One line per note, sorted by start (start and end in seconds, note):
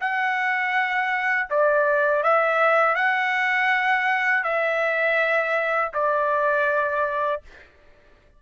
0.00 1.48 F#5
1.49 2.23 D5
2.23 2.95 E5
2.95 4.43 F#5
4.43 5.91 E5
5.93 7.41 D5